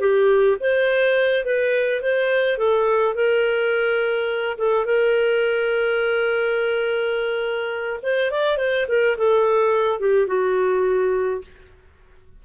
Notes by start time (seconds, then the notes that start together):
0.00 G4
0.60 C5
1.44 B4
2.01 C5
2.58 A4
3.14 A#4
4.58 A4
4.85 A#4
8.02 C5
8.31 D5
8.57 C5
8.88 A#4
9.17 A4
9.99 G4
10.26 F#4